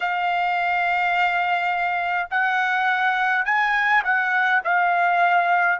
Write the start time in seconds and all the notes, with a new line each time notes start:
0.00 F5
2.30 F#5
3.45 G#5
4.04 F#5
4.64 F5